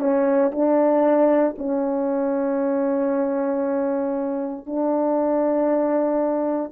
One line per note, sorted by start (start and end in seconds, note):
0.00 0.52 C#4
0.52 1.56 D4
1.58 4.66 C#4
4.66 6.72 D4